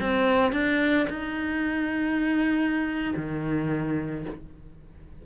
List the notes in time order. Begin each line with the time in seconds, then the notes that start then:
0.00 C4
0.52 D4
1.09 D#4
3.16 D#3